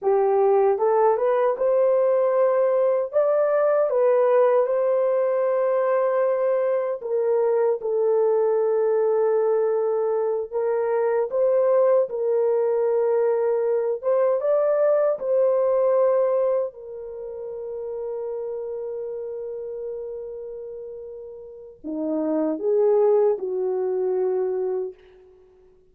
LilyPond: \new Staff \with { instrumentName = "horn" } { \time 4/4 \tempo 4 = 77 g'4 a'8 b'8 c''2 | d''4 b'4 c''2~ | c''4 ais'4 a'2~ | a'4. ais'4 c''4 ais'8~ |
ais'2 c''8 d''4 c''8~ | c''4. ais'2~ ais'8~ | ais'1 | dis'4 gis'4 fis'2 | }